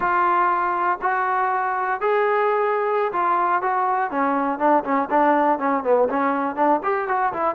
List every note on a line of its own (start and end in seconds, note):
0.00 0.99 F4
1.01 2.00 F#4
2.00 3.12 G#4
3.12 3.62 F4
3.62 4.10 F#4
4.10 4.59 C#4
4.59 4.83 D4
4.83 5.08 C#4
5.09 5.58 D4
5.58 5.83 C#4
5.83 6.08 B3
6.09 6.55 C#4
6.55 6.80 D4
6.83 7.08 G4
7.08 7.33 F#4
7.33 7.55 E4